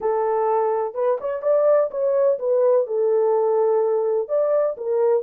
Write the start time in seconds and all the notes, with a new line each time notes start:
0.01 A4
0.94 B4
1.20 C#5
1.42 D5
1.90 C#5
2.39 B4
2.86 A4
4.28 D5
4.77 A#4